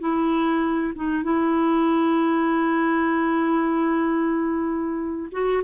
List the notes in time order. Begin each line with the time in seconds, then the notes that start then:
0.00 E4
0.96 D#4
1.24 E4
5.32 F#4